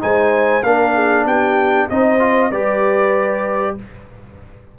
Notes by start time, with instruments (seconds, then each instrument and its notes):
0.00 tuba G#3, trombone D#4, horn C5, trumpet G#5
0.63 tuba A#3, trombone D4, horn A#4, trumpet F5
0.95 horn G#4
1.26 tuba B3, horn G4, trumpet G5
1.90 tuba C4, trombone D#4, horn C5, trumpet D#5
2.20 trombone F4
2.51 tuba G3, trombone G4, horn B4, trumpet D5